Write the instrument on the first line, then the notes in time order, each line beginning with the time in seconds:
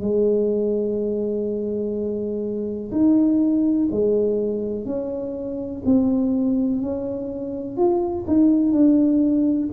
tuba
0.00 G#3
2.91 D#4
3.91 G#3
4.85 C#4
5.85 C4
6.81 C#4
7.76 F4
8.27 D#4
8.72 D4